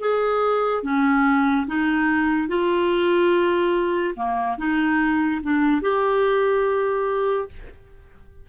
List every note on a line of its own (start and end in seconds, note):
0.00 0.83 G#4
0.84 1.67 C#4
1.67 2.48 D#4
2.48 4.15 F4
4.16 4.58 A#3
4.58 5.41 D#4
5.43 5.82 D4
5.82 7.49 G4